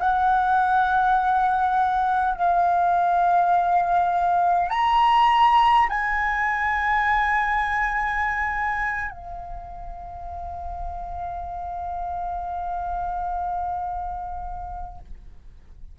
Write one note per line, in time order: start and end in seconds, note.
0.00 2.35 F#5
2.35 4.71 F5
4.71 5.88 A#5
5.90 9.11 G#5
9.11 14.99 F5